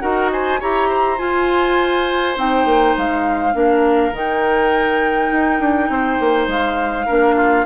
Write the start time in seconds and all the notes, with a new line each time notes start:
0.00 D#4 F#4 A#4 F#5
0.32 C5 G#5
0.60 E4 G4 C#5 A#5
0.89 C5
1.18 F4 G#5
2.37 C4 D#4 G5
2.65 A#3
2.98 G#3 F5
3.54 A#3 D4 A#4
4.12 D#3 D#4 G5
5.32 D#4
5.60 D4
5.89 C4 C5
6.20 A#3
6.47 G#3 F5
7.06 A#3 D4 A#4
7.36 F4